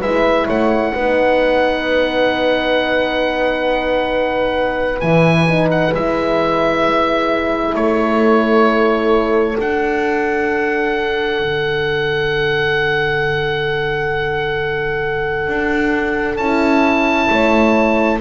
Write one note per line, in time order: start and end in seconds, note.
0.00 0.47 G#3
0.00 0.96 E4
0.00 0.45 B4
0.00 0.47 E5
0.47 0.94 A3
0.47 0.92 C#5
0.47 5.00 F#5
0.93 5.02 B3
0.93 5.02 D#4
0.93 7.74 B4
5.00 5.93 E3
5.00 5.47 E4
5.00 5.68 G#5
5.48 5.94 D#4
5.71 5.94 F#5
5.94 7.75 G#3
5.94 9.57 E4
5.94 7.75 E5
7.75 9.57 A3
7.75 17.30 A4
7.75 9.57 C#5
9.57 16.39 D4
9.57 11.40 D4
9.57 16.37 F#5
11.40 15.47 D3
15.47 16.38 D4
16.37 17.29 C#4
16.37 18.21 E4
16.37 18.19 A5
17.30 18.21 A3
17.30 18.21 C#5